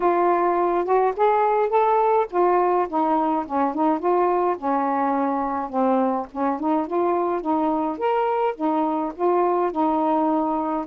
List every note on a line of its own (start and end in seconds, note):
0.00 0.84 F4
0.84 1.13 F#4
1.16 1.69 G#4
1.69 2.26 A4
2.30 2.87 F4
2.88 3.45 D#4
3.46 3.74 C#4
3.74 3.99 D#4
3.99 4.56 F4
4.57 5.69 C#4
5.69 6.26 C4
6.31 6.59 C#4
6.59 6.86 D#4
6.86 7.41 F4
7.41 7.97 D#4
7.97 8.55 A#4
8.55 9.12 D#4
9.15 9.71 F4
9.71 10.85 D#4